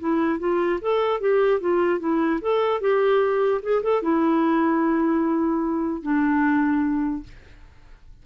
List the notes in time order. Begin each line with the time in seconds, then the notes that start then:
0.00 E4
0.40 F4
0.81 A4
1.21 G4
1.61 F4
2.00 E4
2.41 A4
2.81 G4
3.62 G#4
3.83 A4
4.03 E4
6.03 D4